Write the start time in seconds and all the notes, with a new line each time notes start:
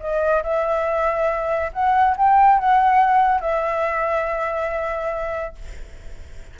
0.00 D#5
0.43 E5
1.73 F#5
2.17 G5
2.59 F#5
3.41 E5